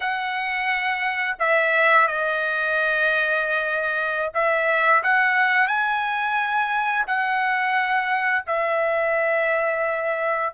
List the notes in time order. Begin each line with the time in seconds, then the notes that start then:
0.00 F#5
1.39 E5
2.07 D#5
4.34 E5
5.03 F#5
5.67 G#5
7.07 F#5
8.46 E5